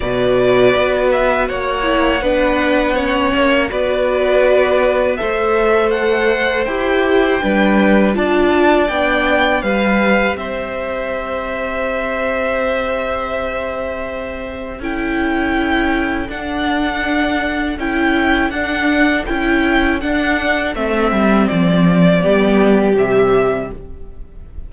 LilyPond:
<<
  \new Staff \with { instrumentName = "violin" } { \time 4/4 \tempo 4 = 81 d''4. e''8 fis''2~ | fis''4 d''2 e''4 | fis''4 g''2 a''4 | g''4 f''4 e''2~ |
e''1 | g''2 fis''2 | g''4 fis''4 g''4 fis''4 | e''4 d''2 e''4 | }
  \new Staff \with { instrumentName = "violin" } { \time 4/4 b'2 cis''4 b'4 | cis''4 b'2 c''4~ | c''2 b'4 d''4~ | d''4 b'4 c''2~ |
c''1 | a'1~ | a'1~ | a'2 g'2 | }
  \new Staff \with { instrumentName = "viola" } { \time 4/4 fis'2~ fis'8 e'8 d'4 | cis'4 fis'2 a'4~ | a'4 g'4 d'4 f'4 | d'4 g'2.~ |
g'1 | e'2 d'2 | e'4 d'4 e'4 d'4 | c'2 b4 g4 | }
  \new Staff \with { instrumentName = "cello" } { \time 4/4 b,4 b4 ais4 b4~ | b8 ais8 b2 a4~ | a4 e'4 g4 d'4 | b4 g4 c'2~ |
c'1 | cis'2 d'2 | cis'4 d'4 cis'4 d'4 | a8 g8 f4 g4 c4 | }
>>